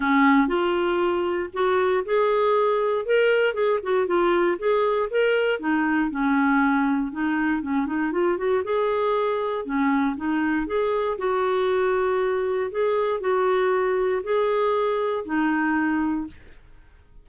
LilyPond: \new Staff \with { instrumentName = "clarinet" } { \time 4/4 \tempo 4 = 118 cis'4 f'2 fis'4 | gis'2 ais'4 gis'8 fis'8 | f'4 gis'4 ais'4 dis'4 | cis'2 dis'4 cis'8 dis'8 |
f'8 fis'8 gis'2 cis'4 | dis'4 gis'4 fis'2~ | fis'4 gis'4 fis'2 | gis'2 dis'2 | }